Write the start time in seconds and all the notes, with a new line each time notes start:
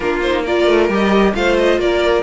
0.00 A#3 D4 F4 A#4
0.21 D#4 C5
0.43 F4 A#4 D5
0.66 A3
0.88 G3 G4 D#5
1.34 A3 F4 C5 F5
1.57 D#5
1.78 A#3 A#4 D5